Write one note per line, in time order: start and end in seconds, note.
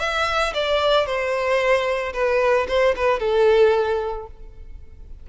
0.00 0.54 E5
0.54 1.06 D5
1.06 2.13 C5
2.13 2.67 B4
2.68 2.95 C5
2.96 3.20 B4
3.20 4.27 A4